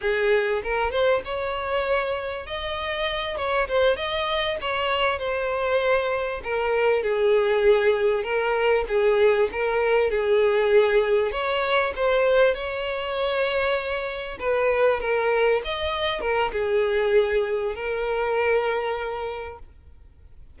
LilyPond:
\new Staff \with { instrumentName = "violin" } { \time 4/4 \tempo 4 = 98 gis'4 ais'8 c''8 cis''2 | dis''4. cis''8 c''8 dis''4 cis''8~ | cis''8 c''2 ais'4 gis'8~ | gis'4. ais'4 gis'4 ais'8~ |
ais'8 gis'2 cis''4 c''8~ | c''8 cis''2. b'8~ | b'8 ais'4 dis''4 ais'8 gis'4~ | gis'4 ais'2. | }